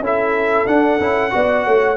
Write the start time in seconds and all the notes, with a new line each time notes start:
0.00 C#4 E4 A4 E5
0.66 D4 F#5
1.00 C#4 E4
1.30 B3 F#4 D5
1.66 A3 C#5